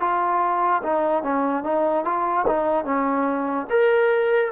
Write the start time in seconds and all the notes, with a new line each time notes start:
0.00 F4
0.83 D#4
1.23 C#4
1.64 D#4
2.04 F4
2.47 D#4
2.85 C#4
3.69 A#4